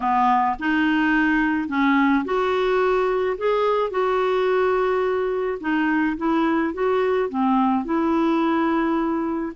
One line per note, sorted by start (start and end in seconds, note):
0.00 0.56 B3
0.59 1.68 D#4
1.68 2.24 C#4
2.24 3.36 F#4
3.37 3.90 G#4
3.90 5.58 F#4
5.60 6.16 D#4
6.17 6.73 E4
6.73 7.29 F#4
7.29 7.84 C4
7.84 9.53 E4